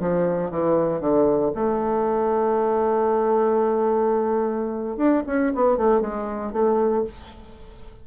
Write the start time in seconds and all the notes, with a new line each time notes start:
0.00 F3
0.51 E3
1.00 D3
1.54 A3
4.97 D4
5.26 C#4
5.54 B3
5.77 A3
6.01 G#3
6.52 A3